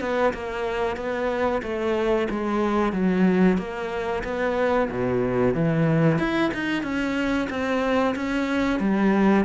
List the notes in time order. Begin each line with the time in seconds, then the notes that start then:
0.00 B3
0.33 A#3
0.96 B3
1.62 A3
2.30 G#3
2.92 F#3
3.58 A#3
4.24 B3
4.90 B2
5.54 E3
6.18 E4
6.54 D#4
6.83 C#4
7.50 C4
8.15 C#4
8.80 G3